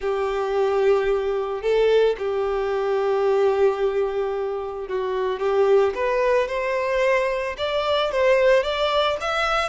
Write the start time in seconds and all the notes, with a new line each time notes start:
0.00 G4
1.62 A4
2.18 G4
4.88 F#4
5.39 G4
5.95 B4
6.47 C5
7.57 D5
8.11 C5
8.63 D5
9.20 E5